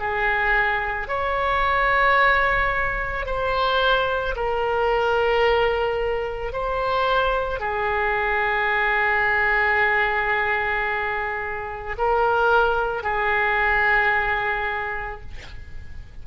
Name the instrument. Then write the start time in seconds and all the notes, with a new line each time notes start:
oboe
0.00 G#4
1.08 C#5
3.26 C5
4.36 A#4
6.53 C5
7.60 G#4
11.99 A#4
13.04 G#4